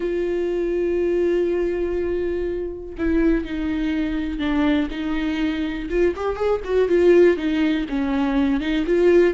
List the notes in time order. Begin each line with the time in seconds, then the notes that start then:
0.00 F4
2.98 E4
3.44 D#4
4.39 D4
4.90 D#4
5.89 F4
6.16 G4
6.36 G#4
6.64 F#4
6.88 F4
7.36 D#4
7.89 C#4
8.60 D#4
8.86 F4